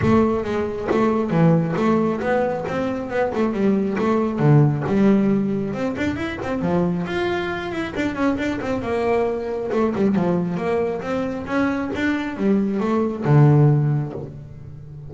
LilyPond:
\new Staff \with { instrumentName = "double bass" } { \time 4/4 \tempo 4 = 136 a4 gis4 a4 e4 | a4 b4 c'4 b8 a8 | g4 a4 d4 g4~ | g4 c'8 d'8 e'8 c'8 f4 |
f'4. e'8 d'8 cis'8 d'8 c'8 | ais2 a8 g8 f4 | ais4 c'4 cis'4 d'4 | g4 a4 d2 | }